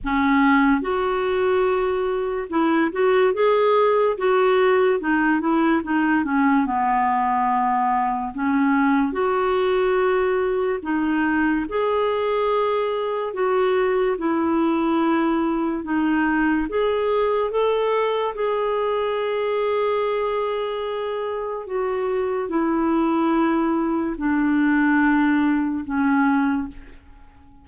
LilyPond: \new Staff \with { instrumentName = "clarinet" } { \time 4/4 \tempo 4 = 72 cis'4 fis'2 e'8 fis'8 | gis'4 fis'4 dis'8 e'8 dis'8 cis'8 | b2 cis'4 fis'4~ | fis'4 dis'4 gis'2 |
fis'4 e'2 dis'4 | gis'4 a'4 gis'2~ | gis'2 fis'4 e'4~ | e'4 d'2 cis'4 | }